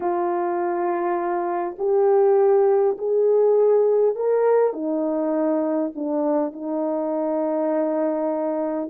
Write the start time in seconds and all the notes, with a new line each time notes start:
0.00 F4
1.78 G4
2.98 G#4
4.15 A#4
4.73 D#4
5.95 D4
6.52 D#4